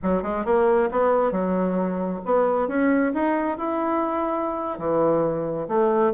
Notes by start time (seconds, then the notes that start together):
0.02 F#3
0.23 G#3
0.45 A#3
0.91 B3
1.31 F#3
2.25 B3
2.68 C#4
3.14 D#4
3.57 E4
4.78 E3
5.68 A3